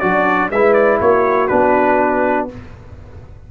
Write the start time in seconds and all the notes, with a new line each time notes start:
0.00 F#3 D4 F#4 D5
0.51 G#3 E4 B4 E5
0.73 D5
1.01 A#3 F#4 C#5
1.48 B3 D4 B4